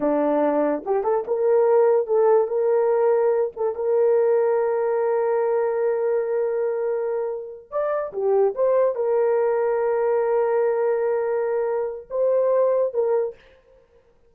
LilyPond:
\new Staff \with { instrumentName = "horn" } { \time 4/4 \tempo 4 = 144 d'2 g'8 a'8 ais'4~ | ais'4 a'4 ais'2~ | ais'8 a'8 ais'2.~ | ais'1~ |
ais'2~ ais'8 d''4 g'8~ | g'8 c''4 ais'2~ ais'8~ | ais'1~ | ais'4 c''2 ais'4 | }